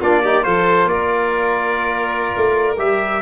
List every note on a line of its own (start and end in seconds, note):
0.00 0.46 A#3
0.00 0.25 D4
0.00 0.22 F4
0.00 0.44 D5
0.23 0.42 D#4
0.23 0.45 G4
0.42 0.85 F3
0.42 2.76 F4
0.42 0.90 A4
0.42 0.88 C5
0.85 2.30 A#3
0.85 2.77 D5
0.92 3.21 A#4
2.36 2.77 A3
2.77 3.21 G3
2.77 3.21 G4
2.77 3.21 E5